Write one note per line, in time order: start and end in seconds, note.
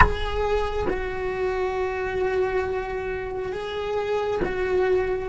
0.00 0.87 G#4
0.89 3.52 F#4
3.52 4.40 G#4
4.44 5.28 F#4